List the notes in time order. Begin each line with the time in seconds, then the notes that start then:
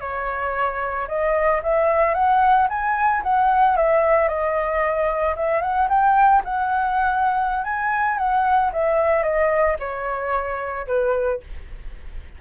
0.00 C#5
1.07 D#5
1.63 E5
2.14 F#5
2.69 G#5
3.23 F#5
3.76 E5
4.28 D#5
5.36 E5
5.61 F#5
5.89 G5
6.44 F#5
7.64 G#5
8.17 F#5
8.72 E5
9.23 D#5
9.79 C#5
10.87 B4